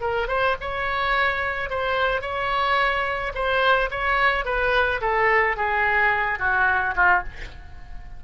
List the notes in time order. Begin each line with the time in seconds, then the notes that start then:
0.00 A#4
0.28 C5
0.60 C#5
1.69 C5
2.21 C#5
3.34 C5
3.90 C#5
4.45 B4
5.01 A4
5.56 G#4
6.39 F#4
6.95 F4